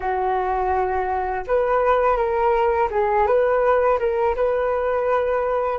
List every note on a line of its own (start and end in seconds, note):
0.00 1.44 F#4
1.47 2.16 B4
2.16 2.88 A#4
2.90 3.26 G#4
3.26 3.99 B4
3.99 4.35 A#4
4.35 5.78 B4